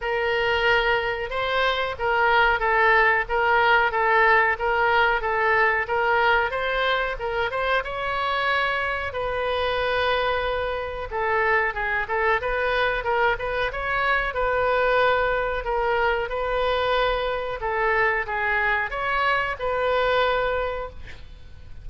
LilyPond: \new Staff \with { instrumentName = "oboe" } { \time 4/4 \tempo 4 = 92 ais'2 c''4 ais'4 | a'4 ais'4 a'4 ais'4 | a'4 ais'4 c''4 ais'8 c''8 | cis''2 b'2~ |
b'4 a'4 gis'8 a'8 b'4 | ais'8 b'8 cis''4 b'2 | ais'4 b'2 a'4 | gis'4 cis''4 b'2 | }